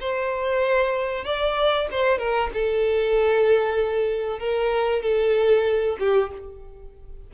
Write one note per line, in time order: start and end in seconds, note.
0.00 1.25 C5
1.25 1.88 D5
1.91 2.18 C5
2.18 2.50 A#4
2.53 4.39 A4
4.39 5.02 A#4
5.02 5.97 A4
5.99 6.31 G4